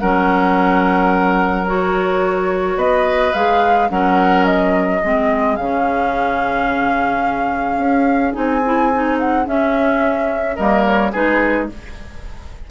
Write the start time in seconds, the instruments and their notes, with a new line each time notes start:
0.00 bassoon F#3, clarinet C#4, oboe A#4, flute F#5
1.66 clarinet F#4, flute C#5
2.77 bassoon B3, oboe B4, flute D#5
3.34 bassoon G#3, clarinet G#4, flute F5
3.90 bassoon F#3, clarinet C#4, oboe A#4, flute F#5
4.46 flute D#5
5.02 bassoon G#3, clarinet C4, oboe G#4
5.56 bassoon C#3, clarinet C#4, flute F5
7.78 bassoon C#4
8.33 bassoon C4, clarinet D#4, flute G#5
8.65 clarinet E4
8.93 clarinet D#4
9.19 flute F#5
9.45 clarinet C#4, bassoon C#4, flute E5
10.56 bassoon G3, clarinet A#3, oboe A#4, flute D#5
10.86 flute C#5
11.12 bassoon G#3, clarinet D#4, oboe G#4, flute B4